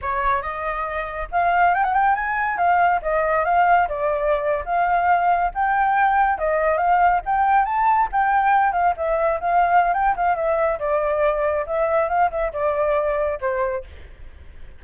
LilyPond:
\new Staff \with { instrumentName = "flute" } { \time 4/4 \tempo 4 = 139 cis''4 dis''2 f''4 | g''16 fis''16 g''8 gis''4 f''4 dis''4 | f''4 d''4.~ d''16 f''4~ f''16~ | f''8. g''2 dis''4 f''16~ |
f''8. g''4 a''4 g''4~ g''16~ | g''16 f''8 e''4 f''4~ f''16 g''8 f''8 | e''4 d''2 e''4 | f''8 e''8 d''2 c''4 | }